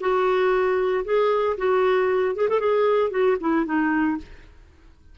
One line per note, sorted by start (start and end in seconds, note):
0.00 1.04 F#4
1.04 1.57 G#4
1.57 2.35 F#4
2.35 2.49 G#4
2.49 2.60 A4
2.60 3.10 G#4
3.10 3.37 F#4
3.40 3.65 E4
3.65 4.17 D#4